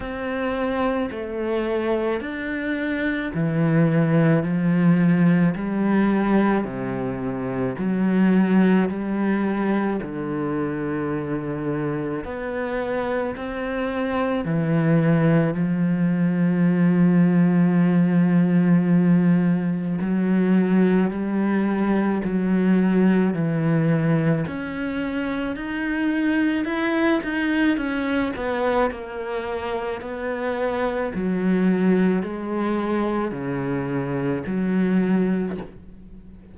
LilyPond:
\new Staff \with { instrumentName = "cello" } { \time 4/4 \tempo 4 = 54 c'4 a4 d'4 e4 | f4 g4 c4 fis4 | g4 d2 b4 | c'4 e4 f2~ |
f2 fis4 g4 | fis4 e4 cis'4 dis'4 | e'8 dis'8 cis'8 b8 ais4 b4 | fis4 gis4 cis4 fis4 | }